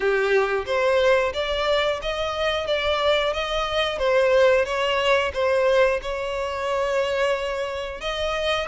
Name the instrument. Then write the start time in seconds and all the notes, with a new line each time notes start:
violin
0.00 G4
0.65 C5
1.33 D5
2.02 D#5
2.66 D5
3.33 D#5
3.98 C5
4.65 C#5
5.33 C5
6.02 C#5
8.01 D#5